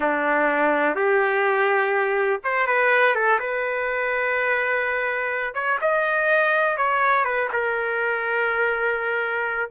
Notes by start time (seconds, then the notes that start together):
0.00 D4
0.95 G4
2.44 C5
2.67 B4
3.15 A4
3.39 B4
5.54 C#5
5.81 D#5
6.77 C#5
7.24 B4
7.52 A#4